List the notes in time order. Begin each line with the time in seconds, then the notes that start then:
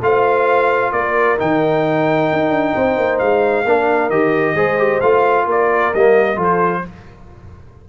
0.00 A3 F4 C5 F5
0.92 A#3 A#4 D5
1.38 D#3 D#4 G5
2.32 D#4
2.49 D4
2.75 C4 C5
2.97 A#3
3.18 G#3 F5
3.64 A#3 D4 A#4
4.09 D#3 G4 D#5
4.54 G#3 G#4 C5
4.77 G4
5.00 A3 F4 F5
5.45 A#3 A#4 D5
5.93 G3 A#3 D#5
6.35 F3 F4 A4
6.43 C5